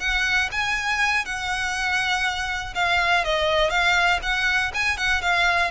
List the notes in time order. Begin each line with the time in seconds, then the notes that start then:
0.00 F#5
0.51 G#5
1.25 F#5
2.75 F5
3.24 D#5
3.70 F5
4.22 F#5
4.74 G#5
4.97 F#5
5.22 F5